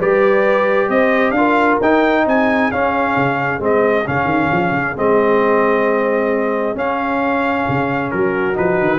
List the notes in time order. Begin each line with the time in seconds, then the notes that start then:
0.00 G3 G4 B4 D5
0.89 C4 C5 D#5
1.32 D4 F4 F5
1.38 A#4
1.82 D#4 G5
2.26 C4 G#4 G#5
2.72 C#4 F5
3.17 C#3
3.60 G#3 C4 D#5
4.06 C#3 C#4 F5
4.25 D#3
4.52 F3
4.72 C#3
4.96 G#3 C4 D#5
6.75 C#4 F5
7.69 C#3
8.11 F#3 F#4 A#4
8.54 F3 D#4 B4
8.81 D#3